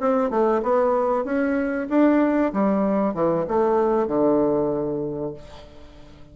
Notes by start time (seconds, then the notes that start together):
0.00 C4
0.30 A3
0.63 B3
1.25 C#4
1.89 D4
2.53 G3
3.14 E3
3.48 A3
4.08 D3